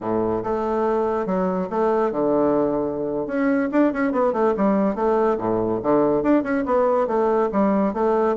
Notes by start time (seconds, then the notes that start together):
0.00 A2
0.43 A3
1.26 F#3
1.70 A3
2.11 D3
3.27 C#4
3.71 D4
3.93 C#4
4.12 B3
4.32 A3
4.56 G3
4.95 A3
5.37 A2
5.82 D3
6.22 D4
6.43 C#4
6.65 B3
7.07 A3
7.52 G3
7.93 A3